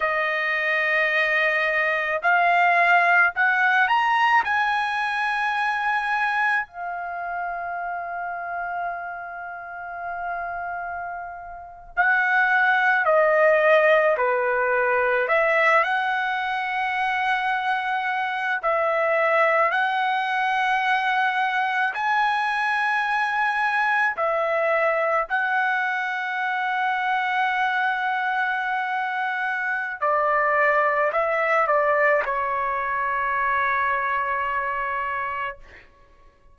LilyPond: \new Staff \with { instrumentName = "trumpet" } { \time 4/4 \tempo 4 = 54 dis''2 f''4 fis''8 ais''8 | gis''2 f''2~ | f''2~ f''8. fis''4 dis''16~ | dis''8. b'4 e''8 fis''4.~ fis''16~ |
fis''8. e''4 fis''2 gis''16~ | gis''4.~ gis''16 e''4 fis''4~ fis''16~ | fis''2. d''4 | e''8 d''8 cis''2. | }